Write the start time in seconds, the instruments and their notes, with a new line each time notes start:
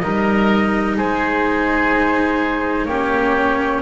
0.00 double bass G3, cello D#4, oboe A#4, flute D#5
0.97 double bass G#3, oboe G#4, flute C5
2.85 double bass A#3, cello C#4, oboe G4, flute C#5